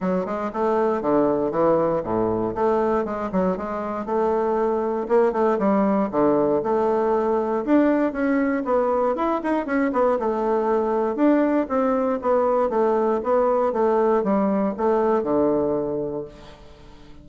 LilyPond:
\new Staff \with { instrumentName = "bassoon" } { \time 4/4 \tempo 4 = 118 fis8 gis8 a4 d4 e4 | a,4 a4 gis8 fis8 gis4 | a2 ais8 a8 g4 | d4 a2 d'4 |
cis'4 b4 e'8 dis'8 cis'8 b8 | a2 d'4 c'4 | b4 a4 b4 a4 | g4 a4 d2 | }